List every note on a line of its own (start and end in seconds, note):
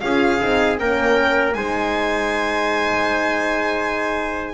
0.00 0.40 C#4
0.00 0.40 F4
0.00 0.80 G#4
0.00 0.76 F5
0.40 0.79 C4
0.40 0.78 D#4
0.79 1.55 A#3
0.79 1.55 C#4
0.79 1.56 A#4
0.79 1.53 G5
1.53 4.54 G#3
1.53 4.54 D#4
1.53 4.54 C5
1.53 4.54 G#5